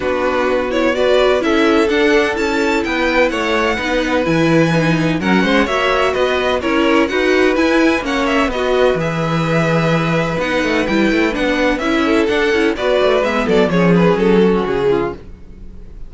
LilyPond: <<
  \new Staff \with { instrumentName = "violin" } { \time 4/4 \tempo 4 = 127 b'4. cis''8 d''4 e''4 | fis''4 a''4 g''4 fis''4~ | fis''4 gis''2 fis''4 | e''4 dis''4 cis''4 fis''4 |
gis''4 fis''8 e''8 dis''4 e''4~ | e''2 fis''4 g''4 | fis''4 e''4 fis''4 d''4 | e''8 d''8 cis''8 b'8 a'4 gis'4 | }
  \new Staff \with { instrumentName = "violin" } { \time 4/4 fis'2 b'4 a'4~ | a'2 b'4 cis''4 | b'2. ais'8 c''8 | cis''4 b'4 ais'4 b'4~ |
b'4 cis''4 b'2~ | b'1~ | b'4. a'4. b'4~ | b'8 a'8 gis'4. fis'4 f'8 | }
  \new Staff \with { instrumentName = "viola" } { \time 4/4 d'4. e'8 fis'4 e'4 | d'4 e'2. | dis'4 e'4 dis'4 cis'4 | fis'2 e'4 fis'4 |
e'4 cis'4 fis'4 gis'4~ | gis'2 dis'4 e'4 | d'4 e'4 d'8 e'8 fis'4 | b4 cis'2. | }
  \new Staff \with { instrumentName = "cello" } { \time 4/4 b2. cis'4 | d'4 cis'4 b4 a4 | b4 e2 fis8 gis8 | ais4 b4 cis'4 dis'4 |
e'4 ais4 b4 e4~ | e2 b8 a8 g8 a8 | b4 cis'4 d'8 cis'8 b8 a8 | gis8 fis8 f4 fis4 cis4 | }
>>